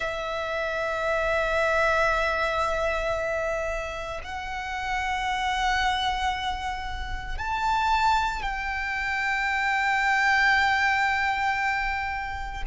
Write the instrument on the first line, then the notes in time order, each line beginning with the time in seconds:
violin
0.00 E5
4.23 F#5
7.37 A5
8.42 G5